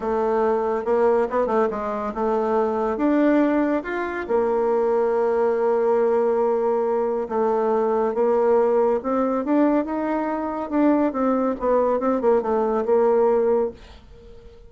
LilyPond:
\new Staff \with { instrumentName = "bassoon" } { \time 4/4 \tempo 4 = 140 a2 ais4 b8 a8 | gis4 a2 d'4~ | d'4 f'4 ais2~ | ais1~ |
ais4 a2 ais4~ | ais4 c'4 d'4 dis'4~ | dis'4 d'4 c'4 b4 | c'8 ais8 a4 ais2 | }